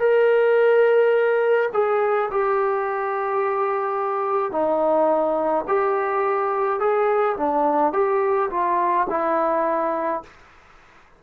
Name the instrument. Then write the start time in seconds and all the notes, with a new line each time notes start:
trombone
0.00 A#4
1.73 G#4
2.31 G4
4.52 D#4
5.68 G4
6.80 G#4
7.37 D4
7.93 G4
8.51 F4
9.10 E4